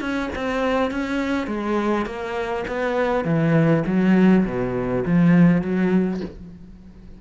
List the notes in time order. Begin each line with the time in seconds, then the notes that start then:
0.00 C#4
0.36 C4
0.91 C#4
1.47 G#3
2.06 A#3
2.67 B3
3.24 E3
3.86 F#3
4.45 B2
5.06 F3
5.62 F#3